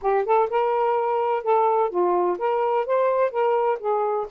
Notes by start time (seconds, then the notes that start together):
0.01 G4
0.25 A4
0.50 A#4
1.43 A4
1.89 F4
2.38 A#4
2.85 C5
3.31 A#4
3.79 G#4